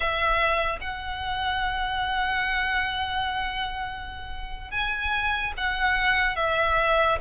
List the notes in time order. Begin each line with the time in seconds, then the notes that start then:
0.00 E5
0.81 F#5
4.70 G#5
5.57 F#5
6.36 E5